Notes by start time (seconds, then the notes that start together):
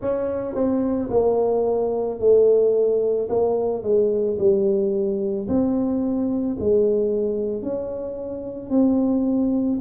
0.01 C#4
0.55 C4
1.10 A#3
2.19 A3
3.29 A#3
3.82 G#3
4.38 G3
5.47 C4
6.60 G#3
7.62 C#4
8.70 C4